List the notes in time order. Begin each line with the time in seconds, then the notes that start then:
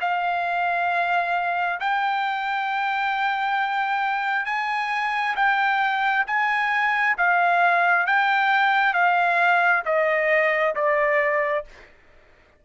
0.00 F5
1.80 G5
4.45 G#5
5.36 G5
6.26 G#5
7.17 F5
8.06 G5
8.93 F5
9.85 D#5
10.75 D5